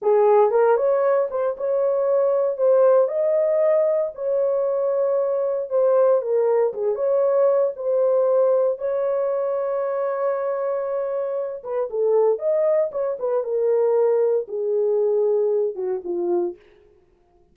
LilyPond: \new Staff \with { instrumentName = "horn" } { \time 4/4 \tempo 4 = 116 gis'4 ais'8 cis''4 c''8 cis''4~ | cis''4 c''4 dis''2 | cis''2. c''4 | ais'4 gis'8 cis''4. c''4~ |
c''4 cis''2.~ | cis''2~ cis''8 b'8 a'4 | dis''4 cis''8 b'8 ais'2 | gis'2~ gis'8 fis'8 f'4 | }